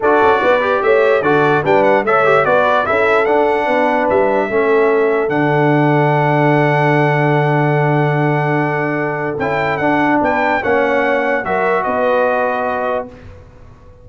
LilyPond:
<<
  \new Staff \with { instrumentName = "trumpet" } { \time 4/4 \tempo 4 = 147 d''2 e''4 d''4 | g''8 fis''8 e''4 d''4 e''4 | fis''2 e''2~ | e''4 fis''2.~ |
fis''1~ | fis''2. g''4 | fis''4 g''4 fis''2 | e''4 dis''2. | }
  \new Staff \with { instrumentName = "horn" } { \time 4/4 a'4 b'4 cis''4 a'4 | b'4 cis''4 b'4 a'4~ | a'4 b'2 a'4~ | a'1~ |
a'1~ | a'1~ | a'4 b'4 cis''2 | ais'4 b'2. | }
  \new Staff \with { instrumentName = "trombone" } { \time 4/4 fis'4. g'4. fis'4 | d'4 a'8 g'8 fis'4 e'4 | d'2. cis'4~ | cis'4 d'2.~ |
d'1~ | d'2. e'4 | d'2 cis'2 | fis'1 | }
  \new Staff \with { instrumentName = "tuba" } { \time 4/4 d'8 cis'8 b4 a4 d4 | g4 a4 b4 cis'4 | d'4 b4 g4 a4~ | a4 d2.~ |
d1~ | d2. cis'4 | d'4 b4 ais2 | fis4 b2. | }
>>